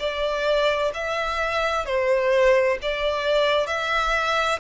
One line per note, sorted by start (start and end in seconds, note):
0.00 0.92 D5
0.94 1.86 E5
1.86 2.79 C5
2.82 3.68 D5
3.68 4.60 E5